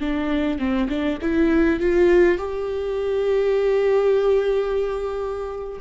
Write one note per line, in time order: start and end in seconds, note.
0.00 0.59 D4
0.59 0.88 C4
0.89 1.19 D4
1.22 1.80 E4
1.80 2.38 F4
2.38 5.79 G4